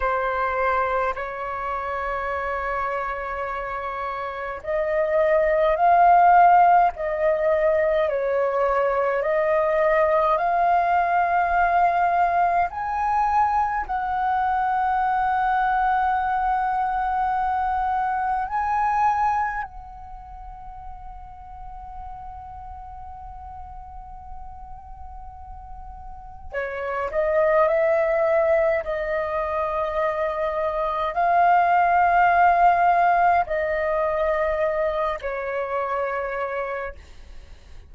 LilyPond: \new Staff \with { instrumentName = "flute" } { \time 4/4 \tempo 4 = 52 c''4 cis''2. | dis''4 f''4 dis''4 cis''4 | dis''4 f''2 gis''4 | fis''1 |
gis''4 fis''2.~ | fis''2. cis''8 dis''8 | e''4 dis''2 f''4~ | f''4 dis''4. cis''4. | }